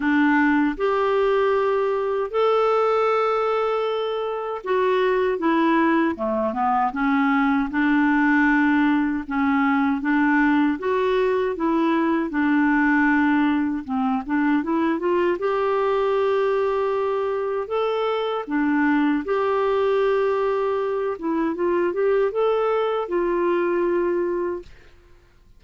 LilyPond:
\new Staff \with { instrumentName = "clarinet" } { \time 4/4 \tempo 4 = 78 d'4 g'2 a'4~ | a'2 fis'4 e'4 | a8 b8 cis'4 d'2 | cis'4 d'4 fis'4 e'4 |
d'2 c'8 d'8 e'8 f'8 | g'2. a'4 | d'4 g'2~ g'8 e'8 | f'8 g'8 a'4 f'2 | }